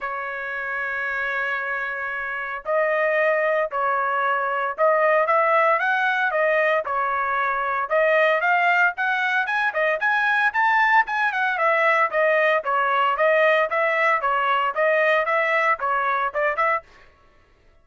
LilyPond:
\new Staff \with { instrumentName = "trumpet" } { \time 4/4 \tempo 4 = 114 cis''1~ | cis''4 dis''2 cis''4~ | cis''4 dis''4 e''4 fis''4 | dis''4 cis''2 dis''4 |
f''4 fis''4 gis''8 dis''8 gis''4 | a''4 gis''8 fis''8 e''4 dis''4 | cis''4 dis''4 e''4 cis''4 | dis''4 e''4 cis''4 d''8 e''8 | }